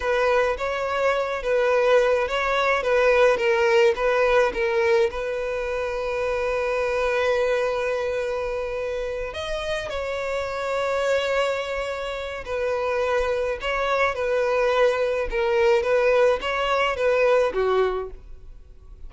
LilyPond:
\new Staff \with { instrumentName = "violin" } { \time 4/4 \tempo 4 = 106 b'4 cis''4. b'4. | cis''4 b'4 ais'4 b'4 | ais'4 b'2.~ | b'1~ |
b'8 dis''4 cis''2~ cis''8~ | cis''2 b'2 | cis''4 b'2 ais'4 | b'4 cis''4 b'4 fis'4 | }